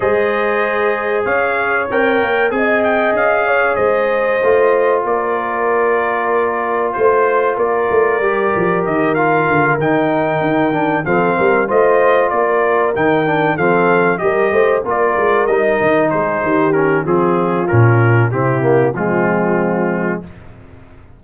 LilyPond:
<<
  \new Staff \with { instrumentName = "trumpet" } { \time 4/4 \tempo 4 = 95 dis''2 f''4 g''4 | gis''8 g''8 f''4 dis''2 | d''2. c''4 | d''2 dis''8 f''4 g''8~ |
g''4. f''4 dis''4 d''8~ | d''8 g''4 f''4 dis''4 d''8~ | d''8 dis''4 c''4 ais'8 gis'4 | ais'4 g'4 f'2 | }
  \new Staff \with { instrumentName = "horn" } { \time 4/4 c''2 cis''2 | dis''4. cis''8 c''2 | ais'2. c''4 | ais'1~ |
ais'4. a'8 ais'8 c''4 ais'8~ | ais'4. a'4 ais'8 c''8 ais'8~ | ais'4. gis'8 g'4 f'4~ | f'4 e'4 c'2 | }
  \new Staff \with { instrumentName = "trombone" } { \time 4/4 gis'2. ais'4 | gis'2. f'4~ | f'1~ | f'4 g'4. f'4 dis'8~ |
dis'4 d'8 c'4 f'4.~ | f'8 dis'8 d'8 c'4 g'4 f'8~ | f'8 dis'2 cis'8 c'4 | cis'4 c'8 ais8 gis2 | }
  \new Staff \with { instrumentName = "tuba" } { \time 4/4 gis2 cis'4 c'8 ais8 | c'4 cis'4 gis4 a4 | ais2. a4 | ais8 a8 g8 f8 dis4 d8 dis8~ |
dis8 dis'8 dis8 f8 g8 a4 ais8~ | ais8 dis4 f4 g8 a8 ais8 | gis8 g8 dis8 gis8 dis4 f4 | ais,4 c4 f2 | }
>>